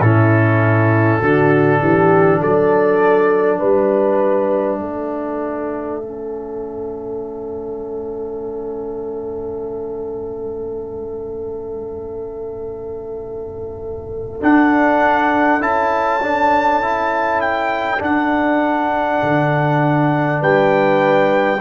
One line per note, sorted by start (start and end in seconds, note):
0.00 1.20 A2
0.00 1.23 C#4
0.00 1.20 E4
0.00 2.41 A4
1.20 1.81 D3
1.20 6.02 D4
1.20 1.79 F#4
1.80 2.41 E3
1.80 2.40 G4
2.40 3.60 F#3
2.40 3.59 A4
2.40 3.58 D5
3.58 4.79 G3
3.58 4.79 B4
3.58 14.38 E5
4.79 14.39 A3
4.79 20.40 A4
6.02 14.41 C#4
14.41 15.61 D4
14.41 15.60 D4
14.41 15.62 F#5
15.60 18.00 C#4
15.60 16.21 E4
15.60 17.41 A5
16.22 16.82 D4
16.82 17.98 E4
17.41 18.01 G5
17.98 21.57 D4
17.98 19.21 D4
17.98 20.43 F#5
19.23 20.42 D3
20.41 21.60 G3
20.41 21.60 B4
20.41 21.60 G5